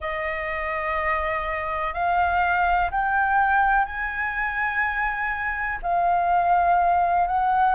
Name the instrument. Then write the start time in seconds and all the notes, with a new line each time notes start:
flute
0.00 D#5
1.93 F5
2.90 G5
3.85 G#5
5.82 F5
7.27 F#5